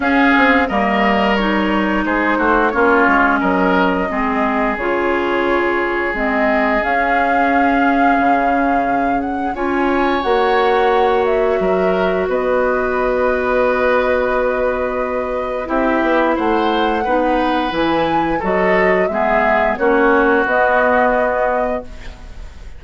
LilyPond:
<<
  \new Staff \with { instrumentName = "flute" } { \time 4/4 \tempo 4 = 88 f''4 dis''4 cis''4 c''4 | cis''4 dis''2 cis''4~ | cis''4 dis''4 f''2~ | f''4. fis''8 gis''4 fis''4~ |
fis''8 e''4. dis''2~ | dis''2. e''4 | fis''2 gis''4 dis''4 | e''4 cis''4 dis''2 | }
  \new Staff \with { instrumentName = "oboe" } { \time 4/4 gis'4 ais'2 gis'8 fis'8 | f'4 ais'4 gis'2~ | gis'1~ | gis'2 cis''2~ |
cis''4 ais'4 b'2~ | b'2. g'4 | c''4 b'2 a'4 | gis'4 fis'2. | }
  \new Staff \with { instrumentName = "clarinet" } { \time 4/4 cis'4 ais4 dis'2 | cis'2 c'4 f'4~ | f'4 c'4 cis'2~ | cis'2 f'4 fis'4~ |
fis'1~ | fis'2. e'4~ | e'4 dis'4 e'4 fis'4 | b4 cis'4 b2 | }
  \new Staff \with { instrumentName = "bassoon" } { \time 4/4 cis'8 c'8 g2 gis8 a8 | ais8 gis8 fis4 gis4 cis4~ | cis4 gis4 cis'2 | cis2 cis'4 ais4~ |
ais4 fis4 b2~ | b2. c'8 b8 | a4 b4 e4 fis4 | gis4 ais4 b2 | }
>>